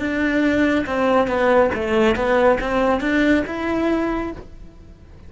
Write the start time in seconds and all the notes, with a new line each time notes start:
0.00 D4
0.86 C4
1.27 B3
1.75 A3
2.16 B3
2.61 C4
3.01 D4
3.47 E4